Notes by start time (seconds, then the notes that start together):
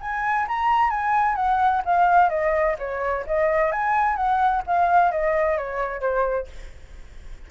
0.00 G#5
0.48 A#5
0.90 G#5
1.36 F#5
1.85 F5
2.29 D#5
2.78 C#5
3.27 D#5
3.72 G#5
4.16 F#5
4.66 F5
5.11 D#5
5.57 C#5
6.00 C5